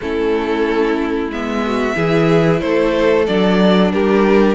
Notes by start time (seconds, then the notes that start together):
0.01 A3 C#4 E4 A4
1.29 G#3 B3 E5
1.66 F#4
1.95 E3 E4 G#4
2.60 A3 A4 C5
3.26 F#3 D4 D5
3.92 G3 G4 A#4